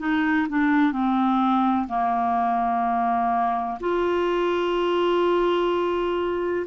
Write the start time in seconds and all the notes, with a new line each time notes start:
0.00 D#4
0.49 D4
0.92 C4
1.88 A#3
3.81 F4